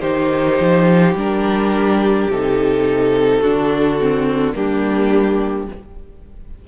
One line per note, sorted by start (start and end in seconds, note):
0.00 0.59 D#3
0.00 1.15 D#4
0.00 3.40 G4
0.00 1.14 C5
0.60 1.14 F3
1.14 2.27 G3
1.14 2.30 D4
1.14 2.31 A#4
2.29 3.42 C3
2.29 3.42 D#4
2.29 4.54 A4
3.41 4.55 D3
3.41 3.99 D4
3.41 4.54 F#4
4.00 4.53 C4
4.53 5.68 G3
4.53 5.66 A#3
4.53 5.68 D4
4.53 5.67 G4